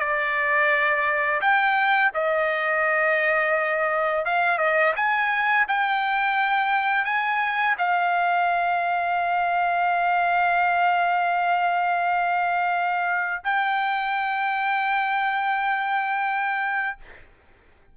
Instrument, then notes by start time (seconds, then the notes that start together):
trumpet
0.00 D5
1.41 G5
2.14 D#5
4.25 F5
4.58 D#5
4.96 G#5
5.68 G5
7.05 G#5
7.78 F5
13.44 G5